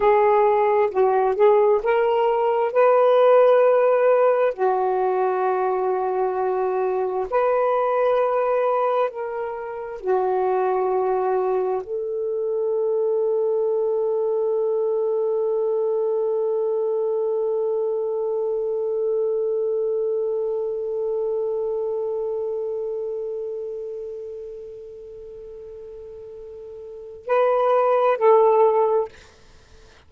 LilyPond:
\new Staff \with { instrumentName = "saxophone" } { \time 4/4 \tempo 4 = 66 gis'4 fis'8 gis'8 ais'4 b'4~ | b'4 fis'2. | b'2 ais'4 fis'4~ | fis'4 a'2.~ |
a'1~ | a'1~ | a'1~ | a'2 b'4 a'4 | }